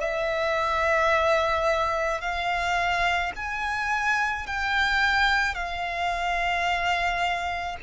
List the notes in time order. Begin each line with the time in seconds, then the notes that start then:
0.00 E5
2.21 F5
3.36 G#5
4.47 G5
5.55 F5